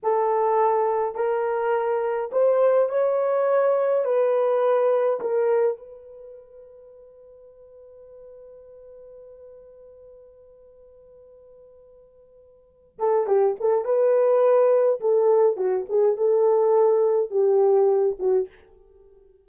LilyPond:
\new Staff \with { instrumentName = "horn" } { \time 4/4 \tempo 4 = 104 a'2 ais'2 | c''4 cis''2 b'4~ | b'4 ais'4 b'2~ | b'1~ |
b'1~ | b'2~ b'8 a'8 g'8 a'8 | b'2 a'4 fis'8 gis'8 | a'2 g'4. fis'8 | }